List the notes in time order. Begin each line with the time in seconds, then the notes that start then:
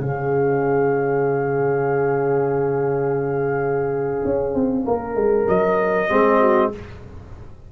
0.00 C#3 C#4 G#4 F5
4.25 C#4
4.54 C4
4.85 A#3 A#4
5.15 G#3
5.47 F#3 D#5
6.10 G#3 C4 G#4
6.40 F#4